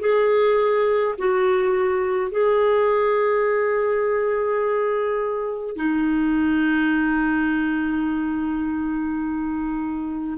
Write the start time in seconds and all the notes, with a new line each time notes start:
0.00 G#4
1.18 F#4
2.31 G#4
5.76 D#4